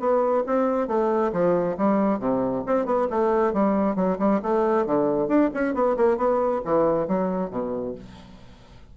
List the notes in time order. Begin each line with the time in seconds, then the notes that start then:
0.00 B3
0.47 C4
0.88 A3
1.33 F3
1.78 G3
2.20 C3
2.67 C4
2.86 B3
3.10 A3
3.54 G3
3.96 F#3
4.19 G3
4.43 A3
4.86 D3
5.28 D4
5.54 C#4
5.75 B3
5.97 A#3
6.18 B3
6.65 E3
7.08 F#3
7.51 B2